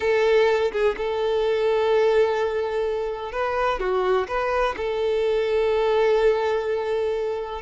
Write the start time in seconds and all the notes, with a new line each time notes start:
0.00 A4
0.71 G#4
0.97 A4
3.32 B4
3.79 F#4
4.27 B4
4.76 A4